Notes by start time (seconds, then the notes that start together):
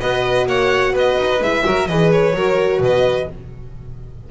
0.00 B3 F#4 B4 D#5
0.47 A#3 C#5 F#5
0.93 B3 B4 D#5
1.18 D#4
1.40 G#3 E4 E5
1.64 F#3 F#4 A#4
1.87 E3 G#4 B4 D#5
2.12 C#5
2.33 F#3 F#4 A#4
2.79 B2 B4 D#5